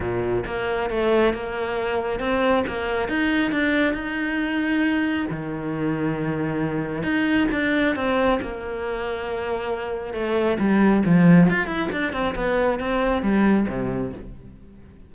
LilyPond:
\new Staff \with { instrumentName = "cello" } { \time 4/4 \tempo 4 = 136 ais,4 ais4 a4 ais4~ | ais4 c'4 ais4 dis'4 | d'4 dis'2. | dis1 |
dis'4 d'4 c'4 ais4~ | ais2. a4 | g4 f4 f'8 e'8 d'8 c'8 | b4 c'4 g4 c4 | }